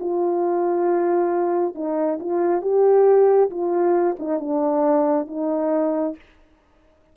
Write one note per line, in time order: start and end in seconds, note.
0.00 1.75 F4
1.75 2.19 D#4
2.20 2.62 F4
2.62 3.50 G4
3.51 4.17 F4
4.19 4.40 D#4
4.40 5.27 D4
5.27 6.16 D#4